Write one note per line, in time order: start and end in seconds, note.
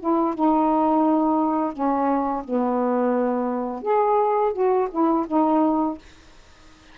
0.00 0.35 E4
0.35 1.73 D#4
1.73 2.44 C#4
2.45 3.82 B3
3.82 4.53 G#4
4.53 4.89 F#4
4.91 5.27 E4
5.28 5.98 D#4